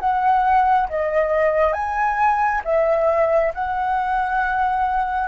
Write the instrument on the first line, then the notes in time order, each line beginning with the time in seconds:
flute
0.00 F#5
0.89 D#5
1.73 G#5
2.65 E5
3.54 F#5